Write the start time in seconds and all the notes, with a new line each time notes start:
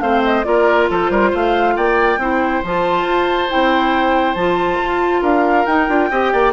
0.00 A3 C4 C5 F5
0.24 D#5
0.44 A#3 F4 A#4 D5
0.90 F3 A4 C5
1.10 G3 A#4
1.30 A3 C5 F5
1.76 A#3 D5 G5
2.17 C4 E4 C5
2.63 F3 F4 A5
3.03 F4
3.49 C4 E4 G5
4.34 F3 F4 A5
4.80 F4
5.21 D4 A#4 F5
5.66 D#4 G5
5.88 D4 F4
6.10 C4 G4 D#5
6.32 A#3 D5